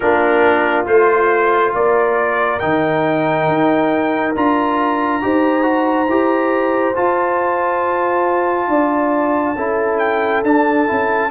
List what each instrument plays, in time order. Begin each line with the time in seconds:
0.00 tuba A#3, trombone D4, horn F4, trumpet A#4
0.85 tuba A3, trombone F4, trumpet C5
1.74 tuba A#3, horn A#4, trumpet D5
2.59 tuba D#3, trombone D#4, trumpet G5
3.47 tuba D#4
4.35 tuba D4, trombone F4, trumpet A#5
5.21 tuba D#4, trombone G4, horn C5
5.62 trombone F#4
6.07 tuba E4, trombone G4
6.95 trombone F4, tuba F4, trumpet A5
8.67 tuba D4, horn D5
9.56 tuba C#4, trombone E4, horn A4
9.98 trumpet G5
10.43 tuba D4, trombone D4, trumpet A5
10.86 tuba C#4, trombone E4